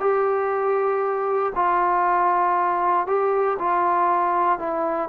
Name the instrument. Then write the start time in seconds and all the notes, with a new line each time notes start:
trombone
0.00 G4
1.55 F4
3.06 G4
3.58 F4
4.59 E4